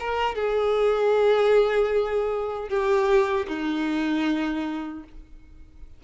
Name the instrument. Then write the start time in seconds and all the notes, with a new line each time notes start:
violin
0.00 A#4
0.35 G#4
2.69 G4
3.48 D#4